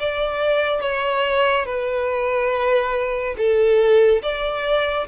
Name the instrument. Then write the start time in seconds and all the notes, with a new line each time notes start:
violin
0.00 D5
0.81 C#5
1.66 B4
3.38 A4
4.23 D5